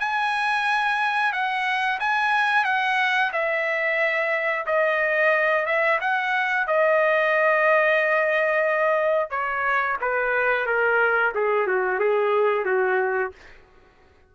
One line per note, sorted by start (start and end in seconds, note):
0.00 1.32 G#5
1.32 1.99 F#5
2.00 2.65 G#5
2.65 3.31 F#5
3.32 4.66 E5
4.66 5.66 D#5
5.66 5.99 E5
6.01 6.67 F#5
6.67 9.30 D#5
9.30 9.97 C#5
10.01 10.66 B4
10.66 11.33 A#4
11.35 11.67 G#4
11.67 11.99 F#4
11.99 12.65 G#4
12.65 13.32 F#4